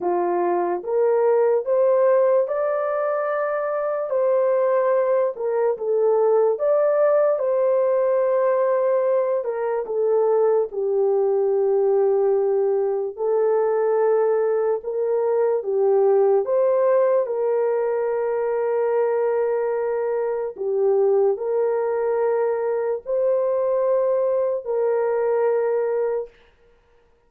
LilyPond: \new Staff \with { instrumentName = "horn" } { \time 4/4 \tempo 4 = 73 f'4 ais'4 c''4 d''4~ | d''4 c''4. ais'8 a'4 | d''4 c''2~ c''8 ais'8 | a'4 g'2. |
a'2 ais'4 g'4 | c''4 ais'2.~ | ais'4 g'4 ais'2 | c''2 ais'2 | }